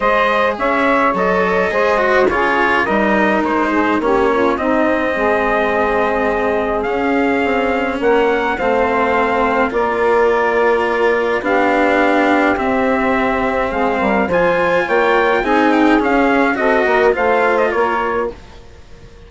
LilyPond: <<
  \new Staff \with { instrumentName = "trumpet" } { \time 4/4 \tempo 4 = 105 dis''4 e''4 dis''2 | cis''4 dis''4 c''4 cis''4 | dis''1 | f''2 fis''4 f''4~ |
f''4 d''2. | f''2 e''2 | f''4 gis''4 g''4 gis''8 g''8 | f''4 dis''4 f''8. dis''16 cis''4 | }
  \new Staff \with { instrumentName = "saxophone" } { \time 4/4 c''4 cis''2 c''4 | gis'4 ais'4. gis'8 g'8 f'8 | dis'4 gis'2.~ | gis'2 ais'4 c''4~ |
c''4 ais'2. | g'1 | gis'8 ais'8 c''4 cis''4 gis'4~ | gis'4 a'8 ais'8 c''4 ais'4 | }
  \new Staff \with { instrumentName = "cello" } { \time 4/4 gis'2 a'4 gis'8 fis'8 | f'4 dis'2 cis'4 | c'1 | cis'2. c'4~ |
c'4 f'2. | d'2 c'2~ | c'4 f'2 dis'4 | cis'4 fis'4 f'2 | }
  \new Staff \with { instrumentName = "bassoon" } { \time 4/4 gis4 cis'4 fis4 gis4 | cis4 g4 gis4 ais4 | c'4 gis2. | cis'4 c'4 ais4 a4~ |
a4 ais2. | b2 c'2 | gis8 g8 f4 ais4 c'4 | cis'4 c'8 ais8 a4 ais4 | }
>>